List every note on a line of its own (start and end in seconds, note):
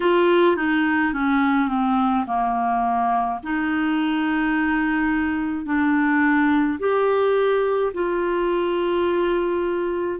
0.00 0.56 F4
0.56 1.13 D#4
1.13 1.68 C#4
1.68 2.25 C4
2.26 3.40 A#3
3.43 5.65 D#4
5.65 6.78 D4
6.79 7.92 G4
7.93 10.19 F4